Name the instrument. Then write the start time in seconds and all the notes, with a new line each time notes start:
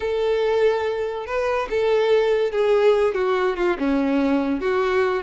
violin
0.00 A4
1.26 B4
1.70 A4
2.51 G#4
3.14 F#4
3.56 F4
3.79 C#4
4.61 F#4